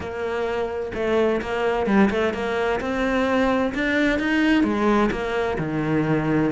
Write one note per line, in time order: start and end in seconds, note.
0.00 0.92 A#3
0.94 1.41 A3
1.41 1.86 A#3
1.86 2.09 G3
2.10 2.33 A3
2.33 2.80 A#3
2.80 3.73 C4
3.74 4.19 D4
4.19 4.63 D#4
4.63 5.10 G#3
5.11 5.57 A#3
5.58 6.51 D#3